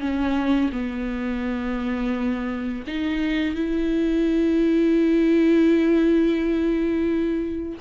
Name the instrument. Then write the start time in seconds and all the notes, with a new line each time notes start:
viola
0.00 C#4
0.72 B3
2.87 D#4
3.55 E4